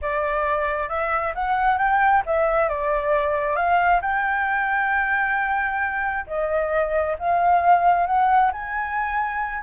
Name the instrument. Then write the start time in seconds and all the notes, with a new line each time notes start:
flute
0.01 D5
0.88 E5
1.34 F#5
1.78 G5
2.26 E5
2.68 D5
3.55 F5
4.01 G5
6.26 D#5
7.18 F5
8.06 F#5
8.52 G#5